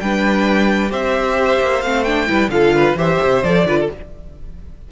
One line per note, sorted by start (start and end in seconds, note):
0.00 0.91 G3
0.00 0.89 D4
0.00 0.91 B4
0.00 0.92 G5
0.89 1.60 C4
0.89 1.81 G4
0.89 2.28 C5
0.89 1.81 E5
1.60 1.83 A#3
1.81 2.28 A3
1.81 2.06 C4
1.81 2.03 F5
2.03 2.26 D4
2.03 2.49 G5
2.26 2.48 G3
2.26 2.49 E4
2.26 2.51 B4
2.48 2.94 D3
2.48 2.97 F4
2.48 2.75 A4
2.48 2.96 F5
2.75 2.98 B4
2.95 3.18 E3
2.95 3.43 G4
2.95 3.67 C5
2.95 3.43 E5
3.22 3.44 C3
3.43 3.65 F3
3.43 3.66 A4
3.43 3.89 D5
3.65 3.88 D3
3.65 3.89 F4
3.65 3.79 B4
3.80 3.91 A4